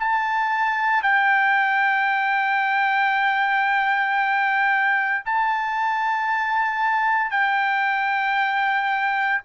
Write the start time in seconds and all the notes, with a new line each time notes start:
0.00 A5
1.03 G5
5.26 A5
7.31 G5